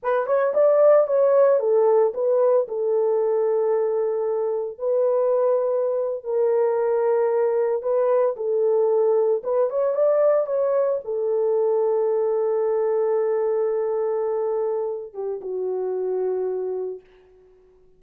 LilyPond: \new Staff \with { instrumentName = "horn" } { \time 4/4 \tempo 4 = 113 b'8 cis''8 d''4 cis''4 a'4 | b'4 a'2.~ | a'4 b'2~ b'8. ais'16~ | ais'2~ ais'8. b'4 a'16~ |
a'4.~ a'16 b'8 cis''8 d''4 cis''16~ | cis''8. a'2.~ a'16~ | a'1~ | a'8 g'8 fis'2. | }